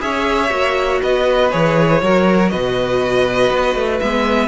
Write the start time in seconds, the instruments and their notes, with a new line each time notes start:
0.00 cello C#4, viola G#4, violin C#5 E5
0.50 cello A#3, viola F#4
1.01 cello B3, violin B4 D#5
1.51 cello E3, viola G#4, violin C#5
2.01 cello F#3, viola F#4, violin A#4
2.49 cello B2, violin B4 D#5
3.50 cello B3
3.75 cello A3
3.99 cello G#3, viola B3, violin E5